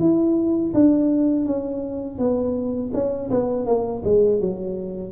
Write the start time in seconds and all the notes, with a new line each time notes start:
0.00 E4
0.74 D4
1.46 C#4
2.19 B3
2.94 C#4
3.31 B3
3.66 A#3
4.05 G#3
4.40 F#3